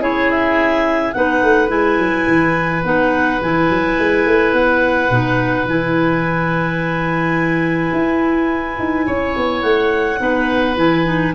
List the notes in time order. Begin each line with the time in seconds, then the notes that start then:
0.00 C#4 E4 G#4 C#5
0.31 E5
1.13 B3 D#4 B4 F#5
1.43 A3
1.68 G#3 E4 G#5
1.98 F#3
2.28 E3
2.84 B3 D#4 F#5
3.42 E3 E4 G#5
3.70 F#3
3.99 G#3
4.25 A3
4.53 B3 F#5
5.10 B2 D#4
5.65 E3 E4 G#5
7.93 E4
8.79 D#4
9.06 C#4 C#5
9.37 B3
9.62 A3 F#5
10.19 B3 D#4 B4
10.77 E3 E4 G#5
11.05 D#4